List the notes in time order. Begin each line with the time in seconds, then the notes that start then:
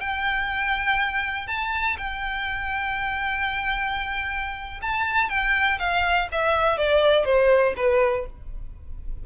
0.00 G5
1.47 A5
1.98 G5
4.81 A5
5.29 G5
5.79 F5
6.32 E5
6.78 D5
7.25 C5
7.76 B4